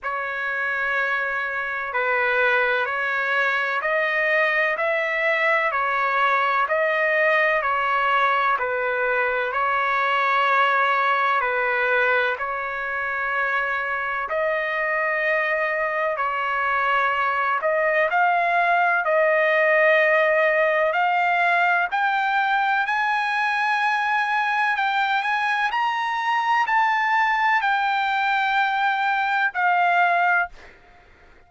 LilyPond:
\new Staff \with { instrumentName = "trumpet" } { \time 4/4 \tempo 4 = 63 cis''2 b'4 cis''4 | dis''4 e''4 cis''4 dis''4 | cis''4 b'4 cis''2 | b'4 cis''2 dis''4~ |
dis''4 cis''4. dis''8 f''4 | dis''2 f''4 g''4 | gis''2 g''8 gis''8 ais''4 | a''4 g''2 f''4 | }